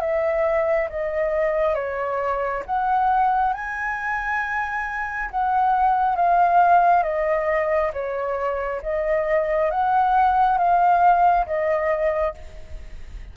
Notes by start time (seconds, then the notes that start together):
0.00 E5
0.89 D#5
1.74 C#5
2.66 F#5
3.53 G#5
5.30 F#5
6.15 F5
7.03 D#5
7.93 C#5
8.82 D#5
9.70 F#5
10.57 F5
11.46 D#5